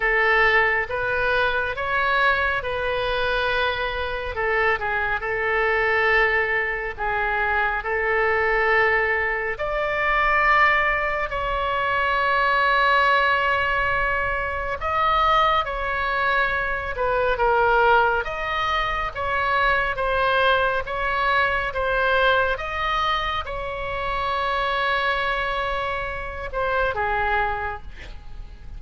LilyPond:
\new Staff \with { instrumentName = "oboe" } { \time 4/4 \tempo 4 = 69 a'4 b'4 cis''4 b'4~ | b'4 a'8 gis'8 a'2 | gis'4 a'2 d''4~ | d''4 cis''2.~ |
cis''4 dis''4 cis''4. b'8 | ais'4 dis''4 cis''4 c''4 | cis''4 c''4 dis''4 cis''4~ | cis''2~ cis''8 c''8 gis'4 | }